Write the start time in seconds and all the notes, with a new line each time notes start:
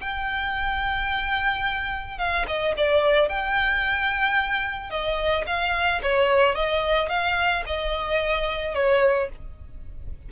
0.00 G5
2.18 F5
2.47 D#5
2.77 D5
3.29 G5
4.90 D#5
5.46 F5
6.02 C#5
6.55 D#5
7.09 F5
7.66 D#5
8.74 C#5